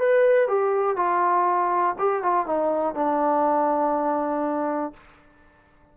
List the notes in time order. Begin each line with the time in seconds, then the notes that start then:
0.00 B4
0.48 G4
0.97 F4
1.99 G4
2.23 F4
2.47 D#4
2.95 D4